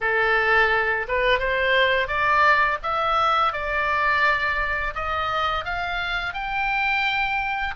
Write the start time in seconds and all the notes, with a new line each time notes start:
0.00 A4
1.08 B4
1.39 C5
2.07 D5
2.82 E5
3.52 D5
4.94 D#5
5.64 F5
6.33 G5